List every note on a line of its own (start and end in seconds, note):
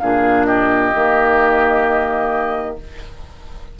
0.00 0.94 A#2
0.00 0.94 D4
0.00 0.47 G#4
0.00 0.45 F5
0.45 2.78 G4
0.45 2.76 D#5
0.94 2.80 D#3
0.94 2.79 A#3